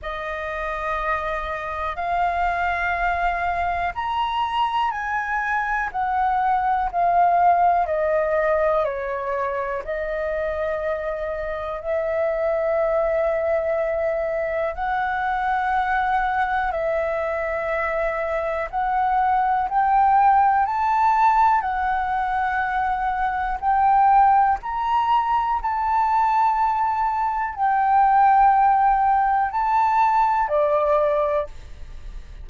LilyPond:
\new Staff \with { instrumentName = "flute" } { \time 4/4 \tempo 4 = 61 dis''2 f''2 | ais''4 gis''4 fis''4 f''4 | dis''4 cis''4 dis''2 | e''2. fis''4~ |
fis''4 e''2 fis''4 | g''4 a''4 fis''2 | g''4 ais''4 a''2 | g''2 a''4 d''4 | }